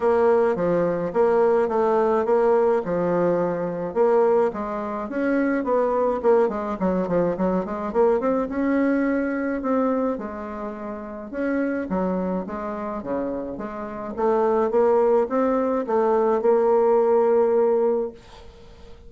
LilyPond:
\new Staff \with { instrumentName = "bassoon" } { \time 4/4 \tempo 4 = 106 ais4 f4 ais4 a4 | ais4 f2 ais4 | gis4 cis'4 b4 ais8 gis8 | fis8 f8 fis8 gis8 ais8 c'8 cis'4~ |
cis'4 c'4 gis2 | cis'4 fis4 gis4 cis4 | gis4 a4 ais4 c'4 | a4 ais2. | }